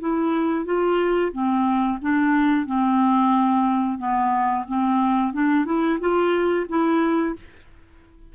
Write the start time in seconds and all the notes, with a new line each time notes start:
0.00 E4
0.65 F4
1.32 C4
2.02 D4
2.66 C4
3.99 B3
4.68 C4
5.33 D4
5.65 E4
6.00 F4
6.69 E4